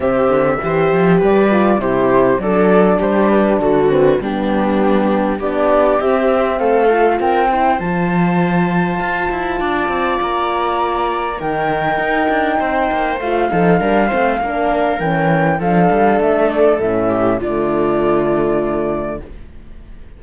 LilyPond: <<
  \new Staff \with { instrumentName = "flute" } { \time 4/4 \tempo 4 = 100 e''2 d''4 c''4 | d''4 c''8 b'8 a'8 b'8 g'4~ | g'4 d''4 e''4 f''4 | g''4 a''2.~ |
a''4 ais''2 g''4~ | g''2 f''2~ | f''4 g''4 f''4 e''8 d''8 | e''4 d''2. | }
  \new Staff \with { instrumentName = "viola" } { \time 4/4 g'4 c''4 b'4 g'4 | a'4 g'4 fis'4 d'4~ | d'4 g'2 a'4 | ais'8 c''2.~ c''8 |
d''2. ais'4~ | ais'4 c''4. a'8 ais'8 c''8 | ais'2 a'2~ | a'8 g'8 f'2. | }
  \new Staff \with { instrumentName = "horn" } { \time 4/4 c'4 g'4. f'8 e'4 | d'2~ d'8 c'8 b4~ | b4 d'4 c'4. f'8~ | f'8 e'8 f'2.~ |
f'2. dis'4~ | dis'2 f'8 dis'8 d'8 c'8 | d'4 cis'4 d'2 | cis'4 a2. | }
  \new Staff \with { instrumentName = "cello" } { \time 4/4 c8 d8 e8 f8 g4 c4 | fis4 g4 d4 g4~ | g4 b4 c'4 a4 | c'4 f2 f'8 e'8 |
d'8 c'8 ais2 dis4 | dis'8 d'8 c'8 ais8 a8 f8 g8 a8 | ais4 e4 f8 g8 a4 | a,4 d2. | }
>>